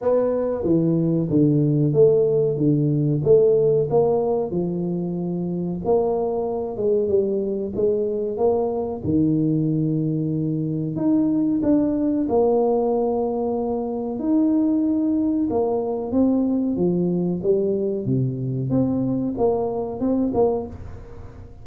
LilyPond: \new Staff \with { instrumentName = "tuba" } { \time 4/4 \tempo 4 = 93 b4 e4 d4 a4 | d4 a4 ais4 f4~ | f4 ais4. gis8 g4 | gis4 ais4 dis2~ |
dis4 dis'4 d'4 ais4~ | ais2 dis'2 | ais4 c'4 f4 g4 | c4 c'4 ais4 c'8 ais8 | }